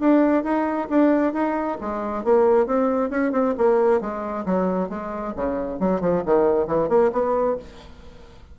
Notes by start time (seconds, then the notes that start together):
0.00 D4
0.43 D#4
0.90 D4
1.33 D#4
1.81 G#3
2.24 A#3
2.66 C4
3.10 C#4
3.32 C4
3.57 A#3
4.01 G#3
4.45 F#3
4.89 G#3
5.36 C#3
5.80 F#3
6.01 F3
6.26 D#3
6.67 E3
6.89 A#3
7.12 B3